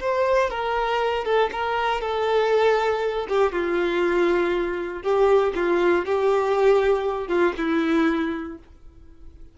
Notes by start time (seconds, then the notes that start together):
0.00 C5
0.50 A#4
1.25 A4
1.52 A#4
2.01 A4
3.28 G4
3.52 F4
5.02 G4
5.55 F4
6.05 G4
7.28 F4
7.57 E4